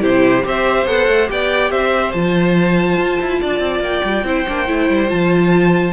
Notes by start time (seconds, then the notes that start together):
0.00 C3 E4 G4 C5
0.44 C4 G4 C5 E5
0.87 B3 A4 F#5
1.08 A3
1.27 B3 G4 D5 G5
1.70 C4 C5 E5
2.12 F3 F4 A5
2.97 F4
3.21 E4
3.41 D4 D5
3.59 C4
3.80 A#3 G5
4.04 G3
4.24 C4 E4 C5
4.48 A#3 D4
4.67 A3 E4
4.90 G3
5.08 F3 F4 A5